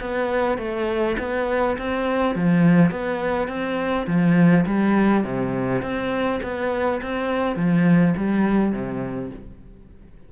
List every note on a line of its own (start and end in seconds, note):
0.00 0.58 B3
0.58 1.16 A3
1.18 1.77 B3
1.78 2.35 C4
2.35 2.90 F3
2.90 3.48 B3
3.48 4.06 C4
4.06 4.65 F3
4.65 5.24 G3
5.24 5.82 C3
5.82 6.40 C4
6.42 7.00 B3
7.01 7.56 C4
7.56 8.14 F3
8.16 8.72 G3
8.72 9.30 C3